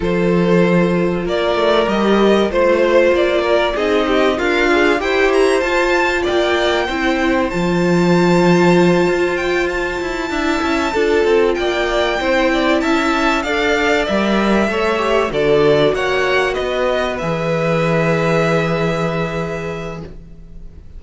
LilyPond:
<<
  \new Staff \with { instrumentName = "violin" } { \time 4/4 \tempo 4 = 96 c''2 d''4 dis''4 | c''4 d''4 dis''4 f''4 | g''8 ais''8 a''4 g''2 | a''2. g''8 a''8~ |
a''2~ a''8 g''4.~ | g''8 a''4 f''4 e''4.~ | e''8 d''4 fis''4 dis''4 e''8~ | e''1 | }
  \new Staff \with { instrumentName = "violin" } { \time 4/4 a'2 ais'2 | c''4. ais'8 gis'8 g'8 f'4 | c''2 d''4 c''4~ | c''1~ |
c''8 e''4 a'4 d''4 c''8 | d''8 e''4 d''2 cis''8~ | cis''8 a'4 cis''4 b'4.~ | b'1 | }
  \new Staff \with { instrumentName = "viola" } { \time 4/4 f'2. g'4 | f'2 dis'4 ais'8 gis'8 | g'4 f'2 e'4 | f'1~ |
f'8 e'4 f'2 e'8~ | e'4. a'4 ais'4 a'8 | g'8 fis'2. gis'8~ | gis'1 | }
  \new Staff \with { instrumentName = "cello" } { \time 4/4 f2 ais8 a8 g4 | a4 ais4 c'4 d'4 | e'4 f'4 ais4 c'4 | f2~ f8 f'4. |
e'8 d'8 cis'8 d'8 c'8 ais4 c'8~ | c'8 cis'4 d'4 g4 a8~ | a8 d4 ais4 b4 e8~ | e1 | }
>>